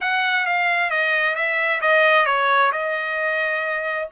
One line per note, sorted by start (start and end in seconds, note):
0.01 0.46 F#5
0.46 0.90 F5
0.90 1.35 D#5
1.35 1.81 E5
1.81 2.26 D#5
2.26 2.71 C#5
2.71 4.08 D#5